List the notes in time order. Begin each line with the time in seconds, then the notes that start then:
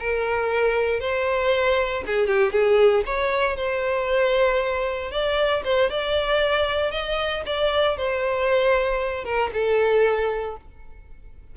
0.00 A#4
1.00 C5
2.07 G#4
2.27 G4
2.53 G#4
3.06 C#5
3.57 C5
5.12 D5
5.65 C5
5.90 D5
6.92 D#5
7.46 D5
7.97 C5
9.25 A#4
9.54 A4